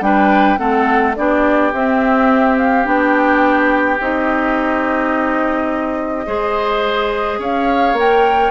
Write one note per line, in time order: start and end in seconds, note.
0.00 0.57 G3
0.00 0.57 D4
0.00 0.59 B4
0.00 0.58 G5
0.57 1.17 A3
0.57 1.14 C4
0.57 1.15 A4
0.57 1.15 F#5
1.15 1.73 B3
1.15 1.73 D4
1.15 6.26 G4
1.15 1.72 D5
1.73 2.86 C4
1.73 2.84 C4
1.73 2.58 E5
2.58 2.86 F5
2.84 3.99 B3
2.84 3.97 D4
2.84 4.01 G5
4.00 6.26 C4
4.00 6.25 D#4
4.00 7.40 D#5
6.25 7.38 G#3
6.25 7.95 G#4
6.25 7.39 C5
7.38 7.93 C#4
7.38 8.50 C#5
7.38 7.98 F5
7.93 8.49 A#3
7.93 8.50 A#4
7.93 8.50 G5